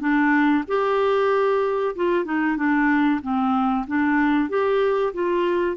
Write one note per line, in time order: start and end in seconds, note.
0.00 0.64 D4
0.68 1.95 G4
1.96 2.25 F4
2.25 2.57 D#4
2.57 3.21 D4
3.22 3.86 C4
3.87 4.49 D4
4.49 5.13 G4
5.14 5.76 F4